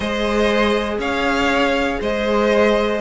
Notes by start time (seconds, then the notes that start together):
0.00 G#3 G#4 C5 D#5
0.98 C#4 C#5 F5
2.01 G#3 C5 D#5